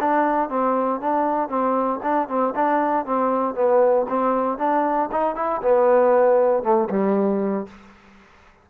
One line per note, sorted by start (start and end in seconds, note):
0.00 0.49 D4
0.49 1.00 C4
1.00 1.49 D4
1.49 2.00 C4
2.03 2.28 D4
2.28 2.54 C4
2.55 3.05 D4
3.05 3.55 C4
3.55 4.06 B3
4.09 4.58 C4
4.58 5.09 D4
5.12 5.35 D#4
5.35 5.61 E4
5.62 6.63 B3
6.63 6.89 A3
6.90 7.67 G3